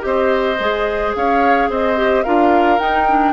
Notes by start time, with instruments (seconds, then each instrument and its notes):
0.00 bassoon C4, clarinet G4, oboe C5, flute D#5
0.59 bassoon G#3, clarinet G#4
1.15 bassoon C#4, oboe C#5, flute F5
1.69 bassoon C4, oboe C5, flute D#5
1.97 clarinet G4
2.23 bassoon D4, clarinet F4, oboe A#4, flute F5
2.78 bassoon D#4, clarinet D#4, flute G5
3.09 clarinet D4